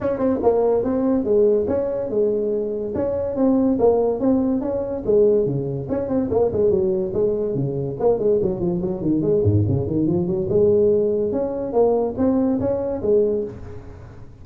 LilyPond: \new Staff \with { instrumentName = "tuba" } { \time 4/4 \tempo 4 = 143 cis'8 c'8 ais4 c'4 gis4 | cis'4 gis2 cis'4 | c'4 ais4 c'4 cis'4 | gis4 cis4 cis'8 c'8 ais8 gis8 |
fis4 gis4 cis4 ais8 gis8 | fis8 f8 fis8 dis8 gis8 gis,8 cis8 dis8 | f8 fis8 gis2 cis'4 | ais4 c'4 cis'4 gis4 | }